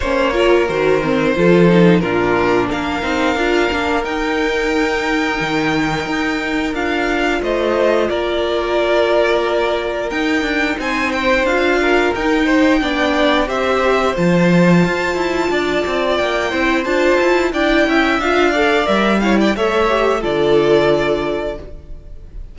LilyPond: <<
  \new Staff \with { instrumentName = "violin" } { \time 4/4 \tempo 4 = 89 cis''4 c''2 ais'4 | f''2 g''2~ | g''2 f''4 dis''4 | d''2. g''4 |
gis''8 g''8 f''4 g''2 | e''4 a''2. | g''4 a''4 g''4 f''4 | e''8 f''16 g''16 e''4 d''2 | }
  \new Staff \with { instrumentName = "violin" } { \time 4/4 c''8 ais'4. a'4 f'4 | ais'1~ | ais'2. c''4 | ais'1 |
c''4. ais'4 c''8 d''4 | c''2. d''4~ | d''8 c''4. d''8 e''4 d''8~ | d''8 cis''16 d''16 cis''4 a'2 | }
  \new Staff \with { instrumentName = "viola" } { \time 4/4 cis'8 f'8 fis'8 c'8 f'8 dis'8 d'4~ | d'8 dis'8 f'8 d'8 dis'2~ | dis'2 f'2~ | f'2. dis'4~ |
dis'4 f'4 dis'4 d'4 | g'4 f'2.~ | f'8 e'8 f'4 e'4 f'8 a'8 | ais'8 e'8 a'8 g'8 f'2 | }
  \new Staff \with { instrumentName = "cello" } { \time 4/4 ais4 dis4 f4 ais,4 | ais8 c'8 d'8 ais8 dis'2 | dis4 dis'4 d'4 a4 | ais2. dis'8 d'8 |
c'4 d'4 dis'4 b4 | c'4 f4 f'8 e'8 d'8 c'8 | ais8 c'8 d'8 e'8 d'8 cis'8 d'4 | g4 a4 d2 | }
>>